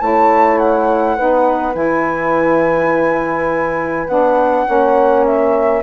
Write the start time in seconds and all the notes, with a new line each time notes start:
0.00 A3 E4 C#5 A5
0.58 F#5
1.17 B3 D#4 B4
1.73 E3 E4 G#5
4.08 B3 D4 F#5
4.66 A#3 C#4 C#5
5.25 E5